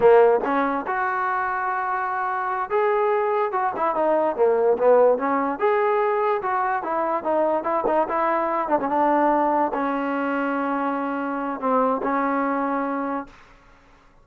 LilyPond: \new Staff \with { instrumentName = "trombone" } { \time 4/4 \tempo 4 = 145 ais4 cis'4 fis'2~ | fis'2~ fis'8 gis'4.~ | gis'8 fis'8 e'8 dis'4 ais4 b8~ | b8 cis'4 gis'2 fis'8~ |
fis'8 e'4 dis'4 e'8 dis'8 e'8~ | e'4 d'16 cis'16 d'2 cis'8~ | cis'1 | c'4 cis'2. | }